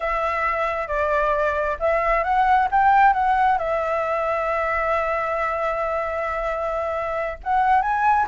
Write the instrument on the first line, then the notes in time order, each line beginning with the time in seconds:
flute
0.00 E5
0.87 D5
1.79 E5
2.23 F#5
2.71 G5
3.13 F#5
3.58 E5
7.43 F#5
7.81 G#5